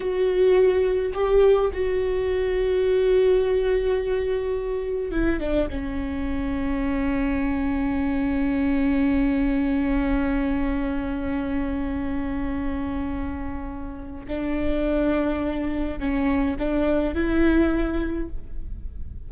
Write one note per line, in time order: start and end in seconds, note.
0.00 1.12 F#4
1.14 1.71 G4
1.73 5.11 F#4
5.11 5.39 E4
5.40 5.68 D4
5.69 14.26 C#4
14.27 15.99 D4
15.99 16.56 C#4
16.59 17.14 D4
17.14 18.28 E4